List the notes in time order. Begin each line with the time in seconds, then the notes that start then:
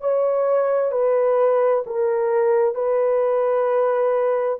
0.00 C#5
0.91 B4
1.86 A#4
2.74 B4